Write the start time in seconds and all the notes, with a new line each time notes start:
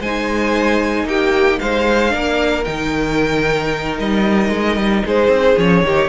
0.00 G#3 D#4 C5 G#5
1.05 A#3 G4 G5
1.59 G#3 C5 F5
2.10 A#3 D4 A#4
2.64 D#3 D#4 G5
3.99 G3 D#5
4.50 G#3
4.76 G3
5.06 G#3 G#4 C5
5.28 C4
5.58 F3 C#4 C#5
5.83 D#3 D#4 G4